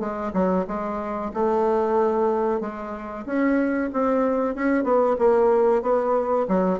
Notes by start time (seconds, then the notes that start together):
0.00 G#3
0.34 F#3
0.68 G#3
1.34 A3
2.61 G#3
3.26 C#4
3.93 C4
4.55 C#4
4.84 B3
5.19 A#3
5.82 B3
6.48 F#3